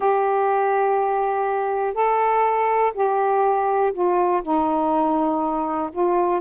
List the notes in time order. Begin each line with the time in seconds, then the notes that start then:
0.00 G4
1.94 A4
2.94 G4
3.93 F4
4.42 D#4
5.92 F4